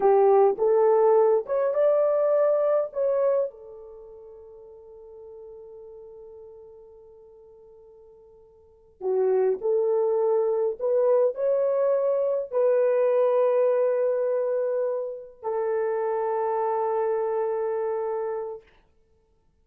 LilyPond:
\new Staff \with { instrumentName = "horn" } { \time 4/4 \tempo 4 = 103 g'4 a'4. cis''8 d''4~ | d''4 cis''4 a'2~ | a'1~ | a'2.~ a'8 fis'8~ |
fis'8 a'2 b'4 cis''8~ | cis''4. b'2~ b'8~ | b'2~ b'8 a'4.~ | a'1 | }